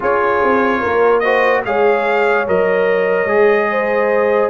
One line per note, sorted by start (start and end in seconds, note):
0.00 0.43 C#4
0.00 1.23 F4
0.00 0.80 G#4
0.00 1.19 C#5
0.43 0.84 C4
0.80 1.65 A#3
0.80 1.21 A#4
1.19 1.65 F#4
1.19 1.64 C5
1.19 1.60 D#5
1.65 2.47 G#3
1.65 2.47 G#4
1.65 3.70 C#5
1.65 2.47 F5
2.47 3.25 F#3
2.47 3.28 A#4
2.47 4.50 D#5
3.25 4.48 G#3
3.25 4.50 G#4
3.70 4.50 C5